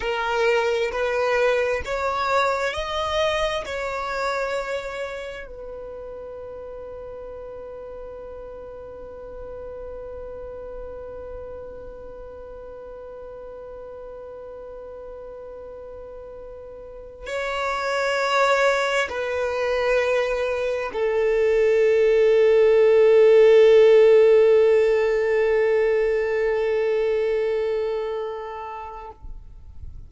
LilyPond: \new Staff \with { instrumentName = "violin" } { \time 4/4 \tempo 4 = 66 ais'4 b'4 cis''4 dis''4 | cis''2 b'2~ | b'1~ | b'1~ |
b'2. cis''4~ | cis''4 b'2 a'4~ | a'1~ | a'1 | }